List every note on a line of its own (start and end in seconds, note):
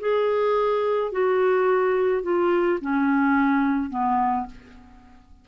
0.00 1.12 G#4
1.12 2.23 F#4
2.23 2.79 F4
2.81 3.90 C#4
3.90 4.46 B3